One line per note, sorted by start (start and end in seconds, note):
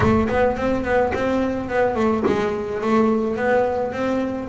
0.00 0.28 A3
0.28 0.56 B3
0.57 0.84 C4
0.84 1.12 B3
1.14 1.69 C4
1.69 1.95 B3
1.95 2.23 A3
2.26 2.81 G#3
2.81 3.36 A3
3.36 3.92 B3
3.92 4.48 C4